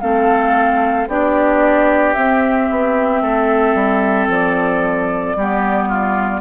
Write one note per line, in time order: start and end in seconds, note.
0.00 1.07 A3
0.00 1.07 C4
0.00 1.08 A4
0.00 1.07 F5
1.07 2.14 B3
1.07 2.15 D4
1.07 3.22 G4
1.07 2.13 D5
2.13 5.37 C4
2.13 2.69 C4
2.13 4.27 E5
2.69 3.21 B3
3.21 3.74 A3
3.21 5.37 A4
3.74 4.27 G3
4.27 5.35 F3
4.27 6.40 D5
5.35 6.40 G3
5.35 6.40 B3
5.35 5.88 G4
5.88 6.40 F4